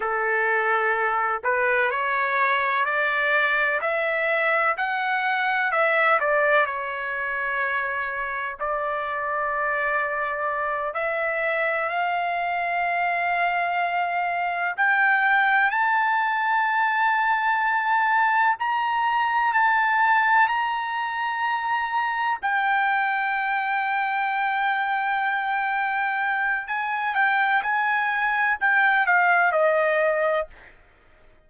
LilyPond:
\new Staff \with { instrumentName = "trumpet" } { \time 4/4 \tempo 4 = 63 a'4. b'8 cis''4 d''4 | e''4 fis''4 e''8 d''8 cis''4~ | cis''4 d''2~ d''8 e''8~ | e''8 f''2. g''8~ |
g''8 a''2. ais''8~ | ais''8 a''4 ais''2 g''8~ | g''1 | gis''8 g''8 gis''4 g''8 f''8 dis''4 | }